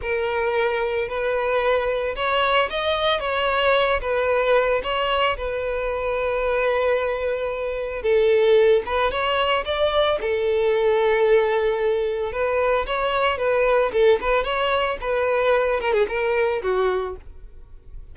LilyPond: \new Staff \with { instrumentName = "violin" } { \time 4/4 \tempo 4 = 112 ais'2 b'2 | cis''4 dis''4 cis''4. b'8~ | b'4 cis''4 b'2~ | b'2. a'4~ |
a'8 b'8 cis''4 d''4 a'4~ | a'2. b'4 | cis''4 b'4 a'8 b'8 cis''4 | b'4. ais'16 gis'16 ais'4 fis'4 | }